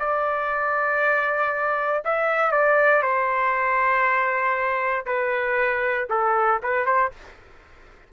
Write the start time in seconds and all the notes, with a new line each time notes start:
0.00 D5
2.05 E5
2.52 D5
3.03 C5
5.06 B4
6.10 A4
6.63 B4
6.86 C5